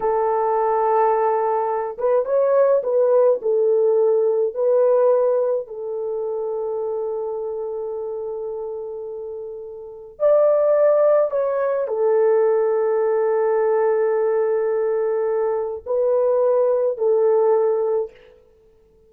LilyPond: \new Staff \with { instrumentName = "horn" } { \time 4/4 \tempo 4 = 106 a'2.~ a'8 b'8 | cis''4 b'4 a'2 | b'2 a'2~ | a'1~ |
a'2 d''2 | cis''4 a'2.~ | a'1 | b'2 a'2 | }